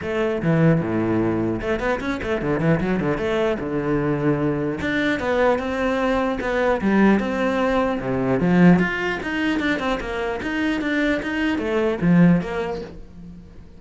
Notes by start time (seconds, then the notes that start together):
0.02 A3
0.42 E3
0.81 A2
1.61 A3
1.79 B3
2.00 C#4
2.22 A3
2.41 D3
2.59 E3
2.80 F#3
2.99 D3
3.17 A3
3.59 D3
4.81 D4
5.19 B3
5.58 C4
6.41 B3
6.81 G3
7.19 C4
8.00 C3
8.39 F3
8.79 F4
9.22 D#4
9.59 D4
9.79 C4
10.00 A#3
10.42 D#4
10.81 D4
11.22 D#4
11.58 A3
12.01 F3
12.41 A#3